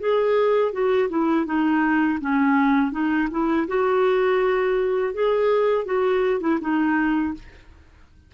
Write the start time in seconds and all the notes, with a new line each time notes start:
0.00 G#4
0.73 F#4
1.10 E4
1.46 D#4
2.21 C#4
2.92 D#4
3.31 E4
3.68 F#4
5.14 G#4
5.86 F#4
6.41 E4
6.61 D#4